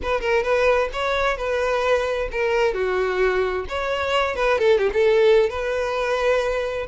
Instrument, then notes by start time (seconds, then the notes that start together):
violin
0.02 B4
0.20 A#4
0.43 B4
0.92 C#5
1.37 B4
2.31 A#4
2.74 F#4
3.68 C#5
4.35 B4
4.58 A4
4.78 G4
4.93 A4
5.49 B4